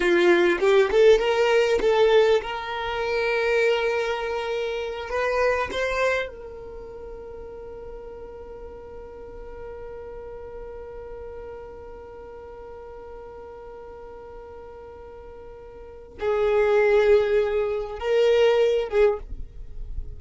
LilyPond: \new Staff \with { instrumentName = "violin" } { \time 4/4 \tempo 4 = 100 f'4 g'8 a'8 ais'4 a'4 | ais'1~ | ais'8 b'4 c''4 ais'4.~ | ais'1~ |
ais'1~ | ais'1~ | ais'2. gis'4~ | gis'2 ais'4. gis'8 | }